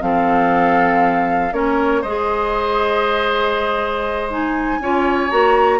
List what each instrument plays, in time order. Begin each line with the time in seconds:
0.00 bassoon F3, clarinet C4, oboe A4, flute F5
1.53 bassoon A#3, clarinet C#4, oboe A#4, flute C#5
2.02 bassoon G#3, clarinet G#4, oboe C5, flute D#5
4.30 clarinet D#4, flute G#5
4.80 bassoon C#4, clarinet F4, oboe C#5
5.30 bassoon A#3, clarinet F#4, flute A#5